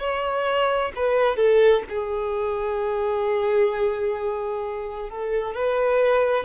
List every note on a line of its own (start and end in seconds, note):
0.00 0.92 C#5
0.96 1.37 B4
1.37 1.83 A4
1.90 5.10 G#4
5.10 5.55 A4
5.55 6.45 B4